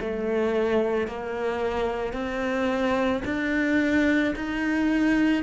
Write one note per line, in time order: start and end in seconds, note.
0.00 1.07 A3
1.07 2.13 A#3
2.13 3.22 C4
3.25 4.34 D4
4.35 5.43 D#4